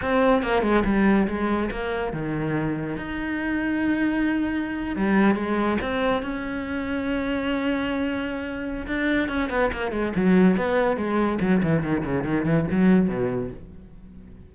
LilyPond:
\new Staff \with { instrumentName = "cello" } { \time 4/4 \tempo 4 = 142 c'4 ais8 gis8 g4 gis4 | ais4 dis2 dis'4~ | dis'2.~ dis'8. g16~ | g8. gis4 c'4 cis'4~ cis'16~ |
cis'1~ | cis'4 d'4 cis'8 b8 ais8 gis8 | fis4 b4 gis4 fis8 e8 | dis8 cis8 dis8 e8 fis4 b,4 | }